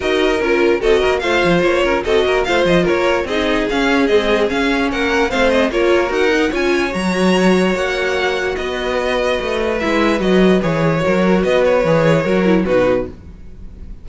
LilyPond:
<<
  \new Staff \with { instrumentName = "violin" } { \time 4/4 \tempo 4 = 147 dis''4 ais'4 dis''4 f''4 | cis''4 dis''4 f''8 dis''8 cis''4 | dis''4 f''4 dis''4 f''4 | fis''4 f''8 dis''8 cis''4 fis''4 |
gis''4 ais''2 fis''4~ | fis''4 dis''2. | e''4 dis''4 cis''2 | dis''8 cis''2~ cis''8 b'4 | }
  \new Staff \with { instrumentName = "violin" } { \time 4/4 ais'2 a'8 ais'8 c''4~ | c''8 ais'8 a'8 ais'8 c''4 ais'4 | gis'1 | ais'4 c''4 ais'2 |
cis''1~ | cis''4 b'2.~ | b'2. ais'4 | b'2 ais'4 fis'4 | }
  \new Staff \with { instrumentName = "viola" } { \time 4/4 fis'4 f'4 fis'4 f'4~ | f'4 fis'4 f'2 | dis'4 cis'4 gis4 cis'4~ | cis'4 c'4 f'4 fis'8 dis'8 |
f'4 fis'2.~ | fis'1 | e'4 fis'4 gis'4 fis'4~ | fis'4 gis'4 fis'8 e'8 dis'4 | }
  \new Staff \with { instrumentName = "cello" } { \time 4/4 dis'4 cis'4 c'8 ais8 a8 f8 | ais8 cis'8 c'8 ais8 a8 f8 ais4 | c'4 cis'4 c'4 cis'4 | ais4 a4 ais4 dis'4 |
cis'4 fis2 ais4~ | ais4 b2 a4 | gis4 fis4 e4 fis4 | b4 e4 fis4 b,4 | }
>>